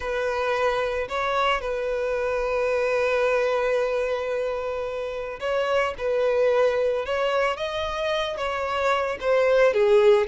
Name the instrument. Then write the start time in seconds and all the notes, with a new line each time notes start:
violin
0.00 B4
1.08 C#5
1.61 B4
5.40 C#5
5.98 B4
7.05 C#5
7.56 D#5
8.37 C#5
9.20 C5
9.73 G#4